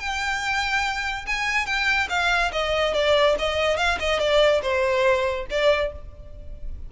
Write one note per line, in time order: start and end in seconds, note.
0.00 1.26 G5
1.27 1.66 G#5
1.66 2.08 G5
2.10 2.52 F5
2.53 2.94 D#5
2.94 3.36 D5
3.39 3.77 D#5
3.77 3.98 F5
4.00 4.20 D#5
4.20 4.62 D5
4.62 5.46 C5
5.51 5.93 D5